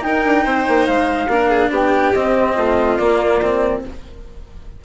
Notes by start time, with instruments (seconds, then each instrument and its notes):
0.00 cello D#4, bassoon D#4, violin A#4, flute G5
0.25 bassoon D4
0.44 bassoon C4, violin C5
0.68 bassoon A#3
0.86 bassoon G#3, flute F5
1.27 bassoon A#3, cello D4, violin A#4
1.49 violin G#4
1.70 bassoon B3, violin G4, flute G5
2.13 bassoon C4, cello C4, flute D#5
2.55 bassoon A3, violin F4
2.97 bassoon A#3, cello A#3, flute D5
3.42 cello C4